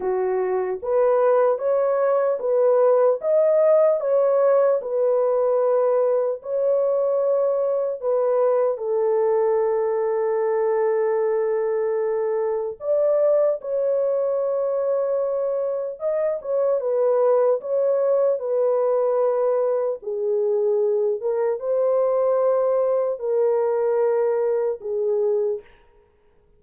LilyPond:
\new Staff \with { instrumentName = "horn" } { \time 4/4 \tempo 4 = 75 fis'4 b'4 cis''4 b'4 | dis''4 cis''4 b'2 | cis''2 b'4 a'4~ | a'1 |
d''4 cis''2. | dis''8 cis''8 b'4 cis''4 b'4~ | b'4 gis'4. ais'8 c''4~ | c''4 ais'2 gis'4 | }